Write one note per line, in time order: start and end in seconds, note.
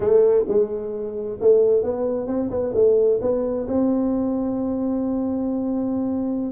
0.00 0.45 A3
0.47 1.39 G#3
1.40 1.82 A3
1.82 2.27 B3
2.27 2.50 C4
2.50 2.73 B3
2.74 3.20 A3
3.21 3.67 B3
3.67 6.52 C4